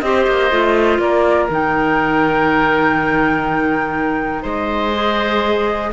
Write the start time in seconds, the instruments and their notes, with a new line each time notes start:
0.00 cello C4, clarinet G4, oboe C5, flute D#5
0.27 cello A#3
0.51 cello A3, clarinet F4
0.98 cello A#3, oboe A#4, flute D5
1.49 cello D#3, clarinet D#4, flute G5
4.42 cello G#3, oboe C5, flute D#5
4.93 clarinet G#4